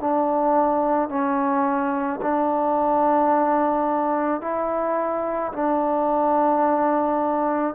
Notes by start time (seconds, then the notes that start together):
0.00 D4
1.09 C#4
2.22 D4
4.41 E4
5.52 D4